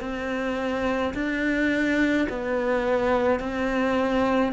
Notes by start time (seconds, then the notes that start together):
0.00 C4
1.13 D4
2.29 B3
3.39 C4